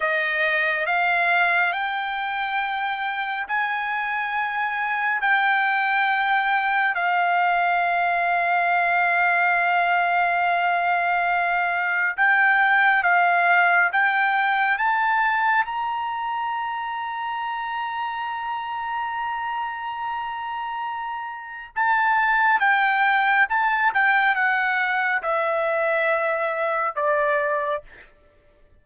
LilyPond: \new Staff \with { instrumentName = "trumpet" } { \time 4/4 \tempo 4 = 69 dis''4 f''4 g''2 | gis''2 g''2 | f''1~ | f''2 g''4 f''4 |
g''4 a''4 ais''2~ | ais''1~ | ais''4 a''4 g''4 a''8 g''8 | fis''4 e''2 d''4 | }